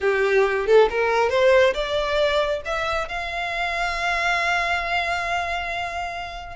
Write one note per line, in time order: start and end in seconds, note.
0.01 0.66 G4
0.66 0.88 A4
0.89 1.29 A#4
1.29 1.73 C5
1.74 2.61 D5
2.65 3.08 E5
3.08 6.56 F5